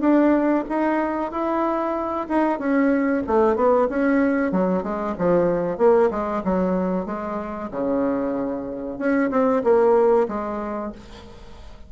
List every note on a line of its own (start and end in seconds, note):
0.00 0.64 D4
0.69 1.31 D#4
1.31 2.27 E4
2.29 2.59 D#4
2.59 3.23 C#4
3.27 3.56 A3
3.56 3.88 B3
3.89 4.52 C#4
4.52 4.83 F#3
4.83 5.15 G#3
5.18 5.78 F3
5.78 6.10 A#3
6.10 6.42 G#3
6.44 7.06 F#3
7.06 7.69 G#3
7.71 8.98 C#3
8.98 9.30 C#4
9.30 9.62 C4
9.64 10.27 A#3
10.28 10.92 G#3